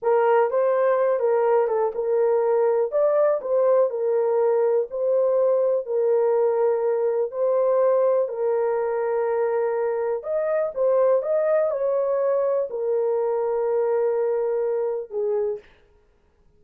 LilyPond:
\new Staff \with { instrumentName = "horn" } { \time 4/4 \tempo 4 = 123 ais'4 c''4. ais'4 a'8 | ais'2 d''4 c''4 | ais'2 c''2 | ais'2. c''4~ |
c''4 ais'2.~ | ais'4 dis''4 c''4 dis''4 | cis''2 ais'2~ | ais'2. gis'4 | }